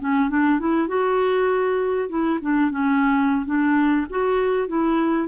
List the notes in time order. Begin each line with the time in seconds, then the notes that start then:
0.00 C#4
0.29 D4
0.60 E4
0.88 F#4
2.09 E4
2.42 D4
2.71 C#4
3.46 D4
4.10 F#4
4.68 E4